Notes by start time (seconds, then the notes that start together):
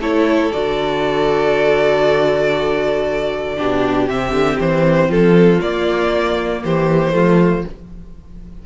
0.00 A3 E4 A4 C#5
0.53 D3 F#4 D5
3.58 B2 D4 G4
4.09 C3 C4 E5
4.32 D3
4.61 E3 C5
5.09 F3 F4 A4
5.62 A#3 D5
6.65 E3 G4 C5
7.12 F3 A3 F4